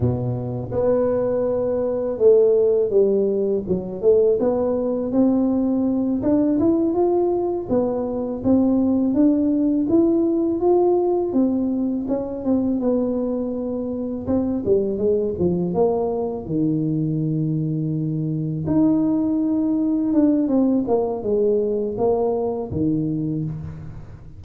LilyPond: \new Staff \with { instrumentName = "tuba" } { \time 4/4 \tempo 4 = 82 b,4 b2 a4 | g4 fis8 a8 b4 c'4~ | c'8 d'8 e'8 f'4 b4 c'8~ | c'8 d'4 e'4 f'4 c'8~ |
c'8 cis'8 c'8 b2 c'8 | g8 gis8 f8 ais4 dis4.~ | dis4. dis'2 d'8 | c'8 ais8 gis4 ais4 dis4 | }